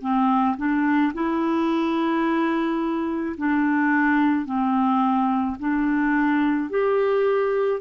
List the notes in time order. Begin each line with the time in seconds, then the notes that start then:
0.00 C4
0.57 D4
1.13 E4
3.37 D4
4.45 C4
5.59 D4
6.69 G4